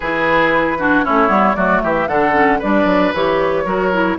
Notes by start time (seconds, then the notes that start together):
0.00 E3 E4 G#4 B4
0.78 D4 F#4
1.04 A3 C#4 E4 C#5
1.28 G3 B3
1.55 F#3 A3 F#4 D5
1.83 E3 G4 E5
2.07 D3 D4 A4 F#5
2.33 C#4
2.58 G3 D4 B4 D5
2.84 F#3
3.13 E3 G4 C#5
3.65 F#3 F#4 A#4
3.92 E4